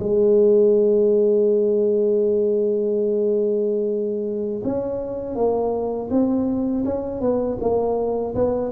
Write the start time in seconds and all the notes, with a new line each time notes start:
0.00 G#3
4.64 C#4
5.36 A#3
6.11 C4
6.85 C#4
7.21 B3
7.61 A#3
8.35 B3